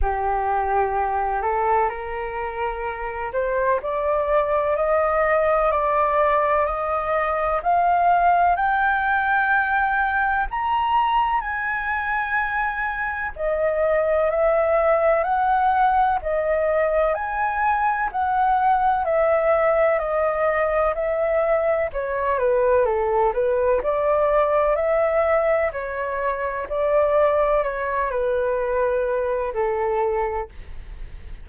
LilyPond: \new Staff \with { instrumentName = "flute" } { \time 4/4 \tempo 4 = 63 g'4. a'8 ais'4. c''8 | d''4 dis''4 d''4 dis''4 | f''4 g''2 ais''4 | gis''2 dis''4 e''4 |
fis''4 dis''4 gis''4 fis''4 | e''4 dis''4 e''4 cis''8 b'8 | a'8 b'8 d''4 e''4 cis''4 | d''4 cis''8 b'4. a'4 | }